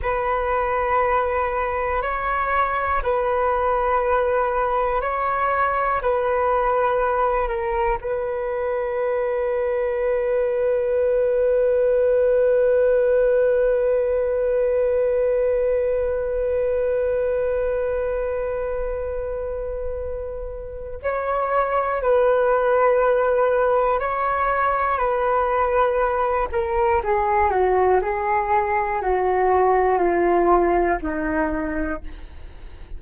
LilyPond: \new Staff \with { instrumentName = "flute" } { \time 4/4 \tempo 4 = 60 b'2 cis''4 b'4~ | b'4 cis''4 b'4. ais'8 | b'1~ | b'1~ |
b'1~ | b'4 cis''4 b'2 | cis''4 b'4. ais'8 gis'8 fis'8 | gis'4 fis'4 f'4 dis'4 | }